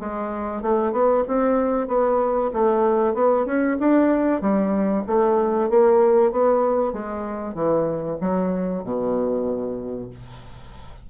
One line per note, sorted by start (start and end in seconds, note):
0.00 0.62 G#3
0.62 0.92 A3
0.92 1.24 B3
1.28 1.88 C4
1.88 2.51 B3
2.53 3.14 A3
3.14 3.46 B3
3.46 3.78 C#4
3.80 4.41 D4
4.41 5.04 G3
5.07 5.70 A3
5.70 6.32 A#3
6.32 6.93 B3
6.93 7.55 G#3
7.55 8.18 E3
8.21 8.84 F#3
8.84 10.10 B2